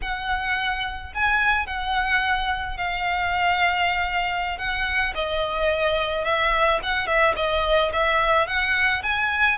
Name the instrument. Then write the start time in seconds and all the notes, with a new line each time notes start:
violin
0.01 F#5
1.14 G#5
1.66 F#5
2.77 F5
4.58 F#5
5.14 D#5
6.24 E5
6.82 F#5
7.06 E5
7.36 D#5
7.92 E5
8.47 F#5
9.03 G#5